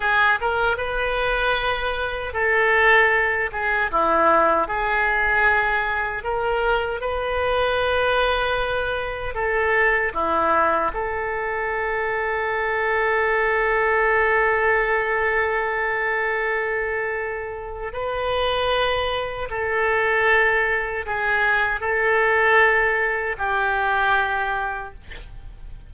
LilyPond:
\new Staff \with { instrumentName = "oboe" } { \time 4/4 \tempo 4 = 77 gis'8 ais'8 b'2 a'4~ | a'8 gis'8 e'4 gis'2 | ais'4 b'2. | a'4 e'4 a'2~ |
a'1~ | a'2. b'4~ | b'4 a'2 gis'4 | a'2 g'2 | }